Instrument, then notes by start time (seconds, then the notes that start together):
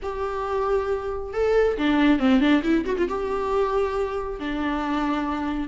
viola
0.02 G4
1.33 A4
1.77 D4
2.19 C4
2.40 D4
2.63 E4
2.85 F#4
2.97 F4
3.08 G4
4.39 D4